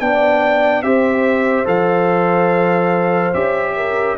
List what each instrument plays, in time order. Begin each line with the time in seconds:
0.00 tuba B3, trombone D4, horn D5, trumpet G5
0.82 tuba C4, trombone G4, horn C5, trumpet E5
1.65 tuba F3, trombone A4, trumpet F5
3.33 tuba C#4, trombone G4, trumpet E5
3.76 horn A#4